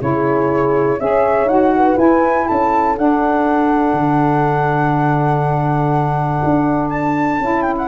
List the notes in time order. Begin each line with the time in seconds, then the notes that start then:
0.00 C#3 E4 G#4 C#5
0.99 C#4 G#4 C#5 E5
1.45 D#4 F#4 F#5
1.76 B4
1.97 E4 G#5
2.47 C#4 A4 A5
2.96 D4 F#5
3.93 D3
6.43 D4
6.89 A5
7.40 C#4 E4
7.61 G5
7.77 F#5